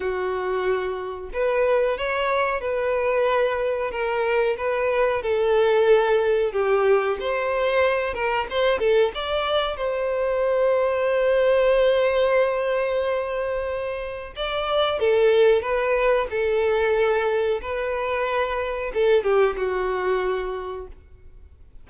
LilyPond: \new Staff \with { instrumentName = "violin" } { \time 4/4 \tempo 4 = 92 fis'2 b'4 cis''4 | b'2 ais'4 b'4 | a'2 g'4 c''4~ | c''8 ais'8 c''8 a'8 d''4 c''4~ |
c''1~ | c''2 d''4 a'4 | b'4 a'2 b'4~ | b'4 a'8 g'8 fis'2 | }